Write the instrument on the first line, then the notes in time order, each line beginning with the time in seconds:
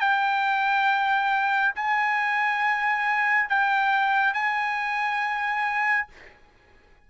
trumpet
0.00 G5
1.75 G#5
3.49 G5
4.33 G#5